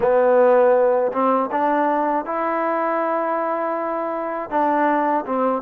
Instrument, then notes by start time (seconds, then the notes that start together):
trombone
0.00 B3
1.12 C4
1.51 D4
2.25 E4
4.50 D4
5.26 C4